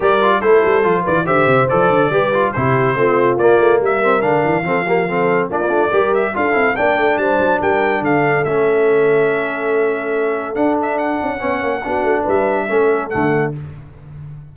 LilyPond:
<<
  \new Staff \with { instrumentName = "trumpet" } { \time 4/4 \tempo 4 = 142 d''4 c''4. d''8 e''4 | d''2 c''2 | d''4 e''4 f''2~ | f''4 d''4. e''8 f''4 |
g''4 a''4 g''4 f''4 | e''1~ | e''4 fis''8 e''8 fis''2~ | fis''4 e''2 fis''4 | }
  \new Staff \with { instrumentName = "horn" } { \time 4/4 ais'4 a'4. b'8 c''4~ | c''4 b'4 g'4 f'4~ | f'4 ais'2 a'8 g'8 | a'4 f'4 ais'4 a'4 |
d''4 c''4 ais'4 a'4~ | a'1~ | a'2. cis''4 | fis'4 b'4 a'2 | }
  \new Staff \with { instrumentName = "trombone" } { \time 4/4 g'8 f'8 e'4 f'4 g'4 | a'4 g'8 f'8 e'4 c'4 | ais4. c'8 d'4 c'8 ais8 | c'4 d'16 ais16 d'8 g'4 f'8 e'8 |
d'1 | cis'1~ | cis'4 d'2 cis'4 | d'2 cis'4 a4 | }
  \new Staff \with { instrumentName = "tuba" } { \time 4/4 g4 a8 g8 f8 e8 d8 c8 | f8 d8 g4 c4 a4 | ais8 a8 g4 d8 e8 f4~ | f4 ais8 a8 g4 d'8 c'8 |
ais8 a8 g8 fis8 g4 d4 | a1~ | a4 d'4. cis'8 b8 ais8 | b8 a8 g4 a4 d4 | }
>>